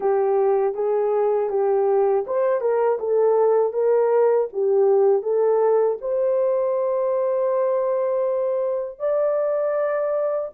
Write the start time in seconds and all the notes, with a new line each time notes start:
0.00 G4
0.74 G#4
1.49 G4
2.26 C5
2.60 A#4
2.99 A4
3.72 A#4
4.52 G4
5.22 A4
6.01 C5
8.99 D5